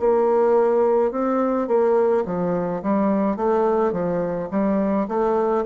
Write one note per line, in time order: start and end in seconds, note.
0.00 1.12 A#3
1.12 1.68 C4
1.68 2.24 A#3
2.25 2.82 F3
2.83 3.37 G3
3.37 3.92 A3
3.92 4.49 F3
4.51 5.08 G3
5.08 5.64 A3